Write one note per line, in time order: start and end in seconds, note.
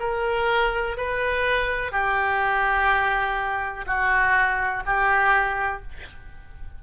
0.00 0.97 A#4
0.97 1.92 B4
1.92 3.86 G4
3.87 4.84 F#4
4.86 5.83 G4